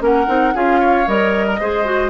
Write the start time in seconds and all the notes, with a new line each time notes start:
0.00 A#3 C#4 A#4 F#5
0.27 C4 D#4
0.54 C#4 F4 G#4 F5
0.80 C#5
1.07 G3 A#4 D#5
1.47 A#4
1.60 G#3 G#4 C5
1.85 F#4